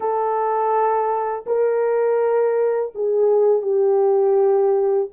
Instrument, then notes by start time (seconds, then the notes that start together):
horn
0.00 A4
1.46 A#4
2.94 G#4
3.62 G4